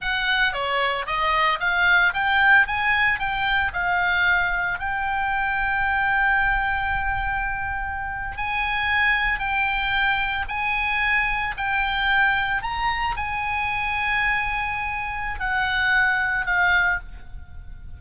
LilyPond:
\new Staff \with { instrumentName = "oboe" } { \time 4/4 \tempo 4 = 113 fis''4 cis''4 dis''4 f''4 | g''4 gis''4 g''4 f''4~ | f''4 g''2.~ | g''2.~ g''8. gis''16~ |
gis''4.~ gis''16 g''2 gis''16~ | gis''4.~ gis''16 g''2 ais''16~ | ais''8. gis''2.~ gis''16~ | gis''4 fis''2 f''4 | }